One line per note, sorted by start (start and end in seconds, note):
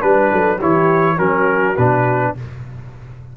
0.00 0.32 G3
0.00 0.58 D4
0.00 0.59 B4
0.00 0.31 B4
0.32 0.61 F#3
0.32 0.57 A4
0.57 1.19 E3
0.57 1.18 E4
0.57 1.15 G4
0.57 1.19 C#5
1.17 1.77 F#3
1.17 1.77 C#4
1.17 2.33 F#4
1.17 1.77 A#4
1.77 2.36 B2
1.77 2.37 D4
1.77 2.35 B4